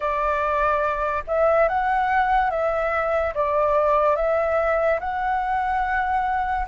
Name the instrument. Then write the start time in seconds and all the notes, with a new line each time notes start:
flute
0.00 D5
1.27 E5
1.68 F#5
2.50 E5
3.34 D5
4.16 E5
5.00 F#5